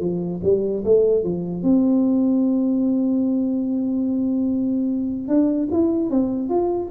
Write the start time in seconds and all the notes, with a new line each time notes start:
0.00 F3
0.43 G3
0.85 A3
1.24 F3
1.63 C4
5.28 D4
5.72 E4
6.10 C4
6.49 F4